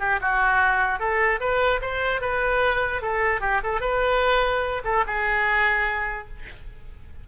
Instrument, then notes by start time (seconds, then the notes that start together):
oboe
0.00 G4
0.21 F#4
1.00 A4
1.40 B4
1.82 C5
2.21 B4
3.02 A4
3.41 G4
3.64 A4
3.81 B4
4.85 A4
5.07 G#4